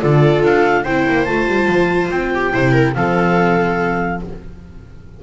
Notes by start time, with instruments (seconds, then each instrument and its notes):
0.00 double bass D3, viola F4 A4, clarinet D5
0.43 double bass D4, clarinet F5
0.84 double bass C4, viola E4 C5, clarinet G5
1.08 double bass A#3
1.24 double bass A3, viola F4, clarinet A5
1.47 double bass G3
1.67 double bass F3
2.10 double bass C4, clarinet G5
2.34 viola G4
2.52 double bass C3, viola E4 C5
2.72 viola A#4
2.94 double bass F3, viola C4 A4, clarinet F5